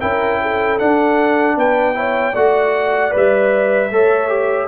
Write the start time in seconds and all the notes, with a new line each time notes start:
0.00 C#4 E4 A#4 G5
0.41 A4
0.78 D4 F#5
1.56 B3 B4 G5
1.94 E4 C#5
2.32 A3 F#4 D5 F#5
3.10 G3 B4
3.16 E5
3.90 A3 A4 C#5
4.28 G4